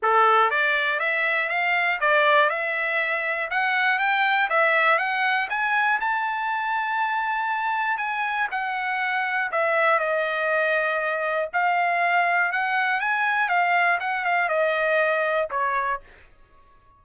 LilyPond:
\new Staff \with { instrumentName = "trumpet" } { \time 4/4 \tempo 4 = 120 a'4 d''4 e''4 f''4 | d''4 e''2 fis''4 | g''4 e''4 fis''4 gis''4 | a''1 |
gis''4 fis''2 e''4 | dis''2. f''4~ | f''4 fis''4 gis''4 f''4 | fis''8 f''8 dis''2 cis''4 | }